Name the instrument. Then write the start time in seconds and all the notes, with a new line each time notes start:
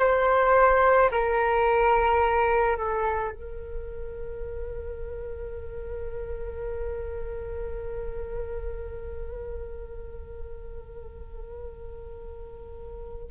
flute
0.00 C5
1.12 A#4
2.77 A4
3.32 A#4